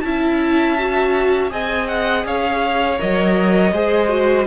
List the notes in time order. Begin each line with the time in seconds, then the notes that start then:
0.00 C#4 E4 E5 A5
0.78 F#4
1.50 C4 G#4 D#5 G#5
1.87 F#5
2.25 C#4 C#5 F5
2.98 F#3 A#4 D#5
3.72 G#3 G#4 C5
4.09 F#4